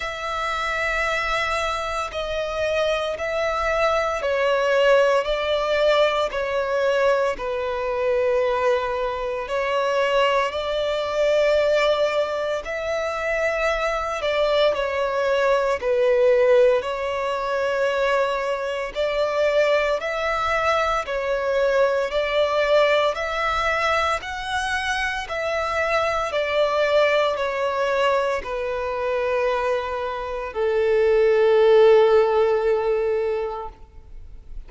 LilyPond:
\new Staff \with { instrumentName = "violin" } { \time 4/4 \tempo 4 = 57 e''2 dis''4 e''4 | cis''4 d''4 cis''4 b'4~ | b'4 cis''4 d''2 | e''4. d''8 cis''4 b'4 |
cis''2 d''4 e''4 | cis''4 d''4 e''4 fis''4 | e''4 d''4 cis''4 b'4~ | b'4 a'2. | }